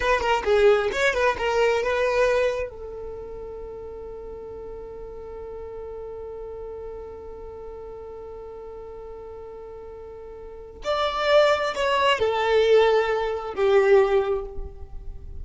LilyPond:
\new Staff \with { instrumentName = "violin" } { \time 4/4 \tempo 4 = 133 b'8 ais'8 gis'4 cis''8 b'8 ais'4 | b'2 a'2~ | a'1~ | a'1~ |
a'1~ | a'1 | d''2 cis''4 a'4~ | a'2 g'2 | }